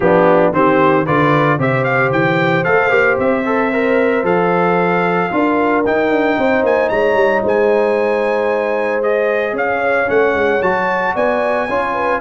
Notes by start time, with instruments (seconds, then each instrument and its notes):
0.00 tuba F3, trombone B3, horn D4, trumpet G4
0.52 tuba D#3, trombone C4, horn G4, trumpet C5
1.04 tuba D3, trombone F4, horn B4, trumpet D5
1.58 tuba C3, trombone G4, horn C5, trumpet E5
1.84 trumpet F5
2.11 tuba E3, trumpet G5
2.63 tuba A3, trombone A4, trumpet F5
2.89 tuba A#3, trombone G4
3.19 tuba C4, trumpet E5
3.45 trombone A4
3.72 trombone A#4
4.23 tuba F3, trombone A4, trumpet F5
5.31 tuba D4, trombone F4, horn A#4
5.85 tuba D#4, trombone D#4, trumpet G5
6.10 tuba D4
6.38 tuba C4, horn C5
6.63 tuba A#3, trumpet G#5
6.89 tuba G#3, horn C#5, trumpet A#5
7.14 tuba G3
7.43 tuba G#3, horn C5, trumpet G#5
9.02 trombone G#4, trumpet D#5
9.52 tuba C#4, horn C#5, trumpet F5
10.06 tuba A3, trombone C#4, trumpet F#5
10.34 tuba G#3
10.61 tuba F#3, trombone F#4, trumpet A5
11.14 tuba B3, horn D5, trumpet G#5
11.68 tuba C#4, trombone F4, horn C#5
11.94 horn B4